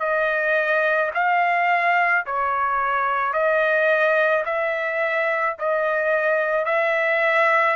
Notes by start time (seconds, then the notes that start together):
0.00 D#5
1.15 F5
2.26 C#5
3.33 D#5
4.46 E5
5.60 D#5
6.66 E5